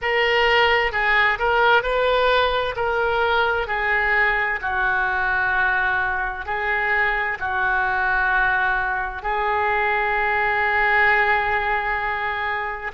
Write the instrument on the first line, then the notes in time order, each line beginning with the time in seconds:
oboe
0.01 A#4
0.92 G#4
1.38 A#4
1.83 B4
2.76 A#4
3.67 G#4
4.62 F#4
6.45 G#4
7.39 F#4
9.22 G#4